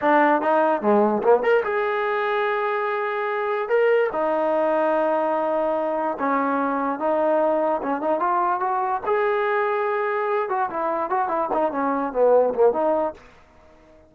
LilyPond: \new Staff \with { instrumentName = "trombone" } { \time 4/4 \tempo 4 = 146 d'4 dis'4 gis4 ais8 ais'8 | gis'1~ | gis'4 ais'4 dis'2~ | dis'2. cis'4~ |
cis'4 dis'2 cis'8 dis'8 | f'4 fis'4 gis'2~ | gis'4. fis'8 e'4 fis'8 e'8 | dis'8 cis'4 b4 ais8 dis'4 | }